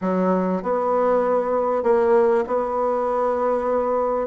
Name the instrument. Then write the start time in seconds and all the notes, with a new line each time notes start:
bassoon
0.01 F#3
0.62 B3
1.83 A#3
2.47 B3